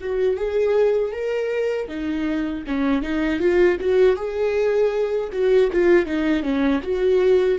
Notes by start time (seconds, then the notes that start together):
0.00 F#4
0.37 G#4
1.12 A#4
1.88 D#4
2.66 C#4
3.02 D#4
3.39 F4
3.80 F#4
4.16 G#4
5.32 F#4
5.72 F4
6.06 D#4
6.42 C#4
6.83 F#4